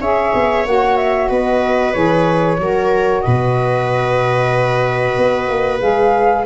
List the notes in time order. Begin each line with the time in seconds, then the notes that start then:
0.00 C#4 G#4 C#5 E5
0.34 B3
0.66 A#3 F#4 F#5
0.97 E5
1.29 B3 B4 D#5
1.93 E3 G#4 C#5
2.58 F#3 F#4 A#4
3.21 B2 B4 D#5
5.18 B3
5.49 A#3
5.80 G#3 G#4 F5